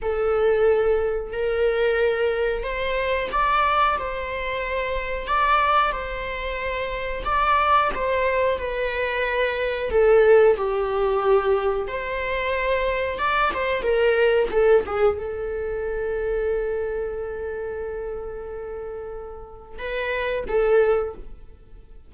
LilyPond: \new Staff \with { instrumentName = "viola" } { \time 4/4 \tempo 4 = 91 a'2 ais'2 | c''4 d''4 c''2 | d''4 c''2 d''4 | c''4 b'2 a'4 |
g'2 c''2 | d''8 c''8 ais'4 a'8 gis'8 a'4~ | a'1~ | a'2 b'4 a'4 | }